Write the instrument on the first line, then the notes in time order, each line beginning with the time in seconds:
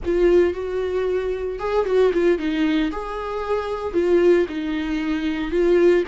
viola
0.05 F4
0.53 F#4
1.59 G#4
1.85 F#4
2.13 F4
2.38 D#4
2.91 G#4
3.93 F4
4.48 D#4
5.51 F4